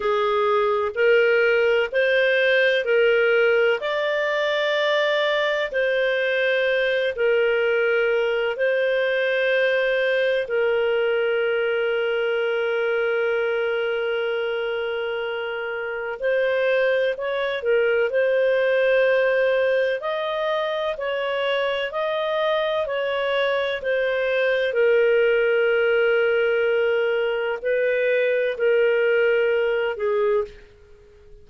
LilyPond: \new Staff \with { instrumentName = "clarinet" } { \time 4/4 \tempo 4 = 63 gis'4 ais'4 c''4 ais'4 | d''2 c''4. ais'8~ | ais'4 c''2 ais'4~ | ais'1~ |
ais'4 c''4 cis''8 ais'8 c''4~ | c''4 dis''4 cis''4 dis''4 | cis''4 c''4 ais'2~ | ais'4 b'4 ais'4. gis'8 | }